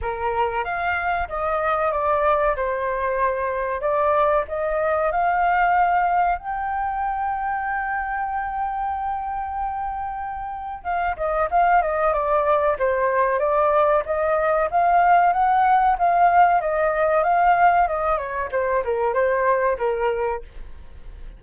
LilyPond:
\new Staff \with { instrumentName = "flute" } { \time 4/4 \tempo 4 = 94 ais'4 f''4 dis''4 d''4 | c''2 d''4 dis''4 | f''2 g''2~ | g''1~ |
g''4 f''8 dis''8 f''8 dis''8 d''4 | c''4 d''4 dis''4 f''4 | fis''4 f''4 dis''4 f''4 | dis''8 cis''8 c''8 ais'8 c''4 ais'4 | }